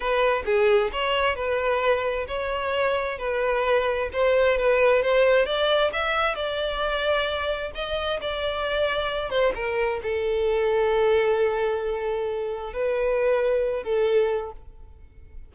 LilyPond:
\new Staff \with { instrumentName = "violin" } { \time 4/4 \tempo 4 = 132 b'4 gis'4 cis''4 b'4~ | b'4 cis''2 b'4~ | b'4 c''4 b'4 c''4 | d''4 e''4 d''2~ |
d''4 dis''4 d''2~ | d''8 c''8 ais'4 a'2~ | a'1 | b'2~ b'8 a'4. | }